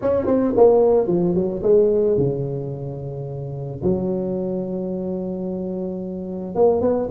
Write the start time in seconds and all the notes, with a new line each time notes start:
0.01 C#4
0.26 C4
0.57 A#3
1.07 F3
1.34 F#3
1.62 G#3
2.17 C#3
3.83 F#3
6.55 A#3
6.81 B3